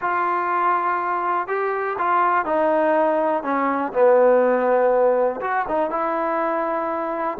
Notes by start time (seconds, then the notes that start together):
0.01 F4
1.47 G4
1.98 F4
2.45 D#4
3.43 C#4
3.92 B3
5.41 F#4
5.68 D#4
5.90 E4